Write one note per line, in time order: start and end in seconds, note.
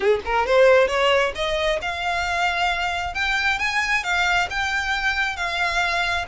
0.00 0.20 G#4
0.25 0.46 A#4
0.46 0.87 C5
0.87 1.32 C#5
1.35 1.79 D#5
1.81 3.14 F5
3.14 3.58 G5
3.58 4.03 G#5
4.03 4.48 F5
4.49 5.36 G5
5.36 6.25 F5